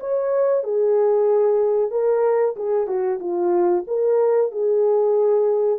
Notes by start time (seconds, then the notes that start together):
0.00 C#5
0.64 G#4
1.91 A#4
2.57 G#4
2.87 F#4
3.20 F4
3.87 A#4
4.52 G#4